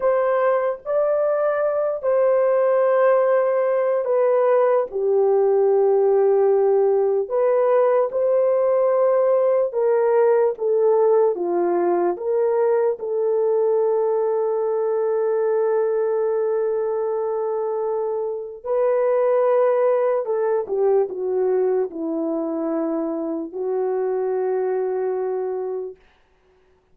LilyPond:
\new Staff \with { instrumentName = "horn" } { \time 4/4 \tempo 4 = 74 c''4 d''4. c''4.~ | c''4 b'4 g'2~ | g'4 b'4 c''2 | ais'4 a'4 f'4 ais'4 |
a'1~ | a'2. b'4~ | b'4 a'8 g'8 fis'4 e'4~ | e'4 fis'2. | }